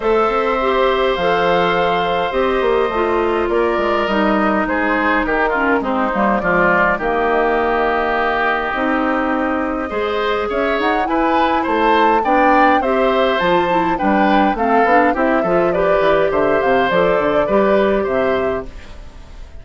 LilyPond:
<<
  \new Staff \with { instrumentName = "flute" } { \time 4/4 \tempo 4 = 103 e''2 f''2 | dis''2 d''4 dis''4 | c''4 ais'4 c''4 d''4 | dis''1~ |
dis''2 e''8 fis''8 gis''4 | a''4 g''4 e''4 a''4 | g''4 f''4 e''4 d''4 | e''8 f''8 d''2 e''4 | }
  \new Staff \with { instrumentName = "oboe" } { \time 4/4 c''1~ | c''2 ais'2 | gis'4 g'8 f'8 dis'4 f'4 | g'1~ |
g'4 c''4 cis''4 b'4 | c''4 d''4 c''2 | b'4 a'4 g'8 a'8 b'4 | c''2 b'4 c''4 | }
  \new Staff \with { instrumentName = "clarinet" } { \time 4/4 a'4 g'4 a'2 | g'4 f'2 dis'4~ | dis'4. cis'8 c'8 ais8 gis4 | ais2. dis'4~ |
dis'4 gis'2 e'4~ | e'4 d'4 g'4 f'8 e'8 | d'4 c'8 d'8 e'8 f'8 g'4~ | g'4 a'4 g'2 | }
  \new Staff \with { instrumentName = "bassoon" } { \time 4/4 a8 c'4. f2 | c'8 ais8 a4 ais8 gis8 g4 | gis4 dis4 gis8 g8 f4 | dis2. c'4~ |
c'4 gis4 cis'8 dis'8 e'4 | a4 b4 c'4 f4 | g4 a8 b8 c'8 f4 e8 | d8 c8 f8 d8 g4 c4 | }
>>